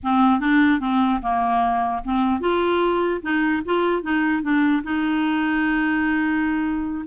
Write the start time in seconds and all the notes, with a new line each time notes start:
0.03 C4
0.39 D4
0.80 C4
1.22 A#3
2.04 C4
2.40 F4
3.22 D#4
3.65 F4
4.02 D#4
4.42 D4
4.83 D#4